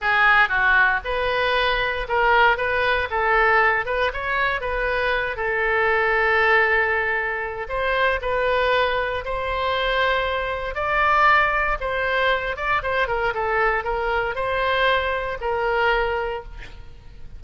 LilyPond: \new Staff \with { instrumentName = "oboe" } { \time 4/4 \tempo 4 = 117 gis'4 fis'4 b'2 | ais'4 b'4 a'4. b'8 | cis''4 b'4. a'4.~ | a'2. c''4 |
b'2 c''2~ | c''4 d''2 c''4~ | c''8 d''8 c''8 ais'8 a'4 ais'4 | c''2 ais'2 | }